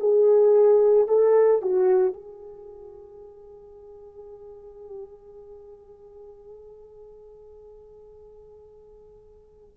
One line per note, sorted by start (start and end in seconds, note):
0.00 1.08 G#4
1.08 1.62 A4
1.62 2.13 F#4
2.13 9.77 G#4